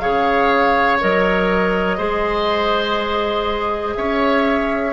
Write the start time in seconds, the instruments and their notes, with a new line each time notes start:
0.00 bassoon C#3, clarinet G#4, oboe C#5, flute F5
1.01 bassoon F#3, clarinet A#4, flute D#5
1.98 bassoon G#3, clarinet G#4, oboe C5
3.95 bassoon C#4, oboe C#5, flute E5